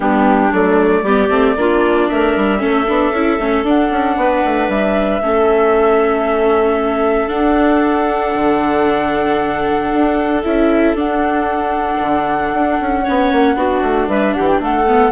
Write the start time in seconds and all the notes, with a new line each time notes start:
0.00 G3 B3 D4 G4
0.52 F#3 A3 D5
1.02 G3 B3 G4
1.29 A3 C4
1.56 A#3 D4 F4
2.08 A3 A#4 E5
2.36 G3
2.58 A3 C#4 A4
2.88 B3 D4
3.11 C#4 E4
3.39 A3 C#4
3.63 D4 F#5
3.90 C#4
4.16 B3 B4
4.44 A3
4.68 G3 E5
5.21 A3 C#4 A4
7.27 D4 F#5
8.34 D3
9.91 D4
10.42 C#4 E4 E5
10.94 D4 F#5
12.01 D3
12.53 D4
12.80 C#4
13.02 C#4 C#5
13.08 B3
13.31 A#3
13.55 B3 D4 F#4
13.82 A3
14.07 G3 B4 E5
14.34 E3 G4 F#5
14.47 G5
14.59 A3 A4 F#5
14.86 B3